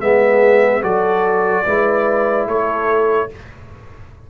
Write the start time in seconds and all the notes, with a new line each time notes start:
0.00 G#3 B3 G#4 E5
0.81 F#3 F#4 A4 D5
1.65 G#3 E4 B4
2.47 A3 A4 C#5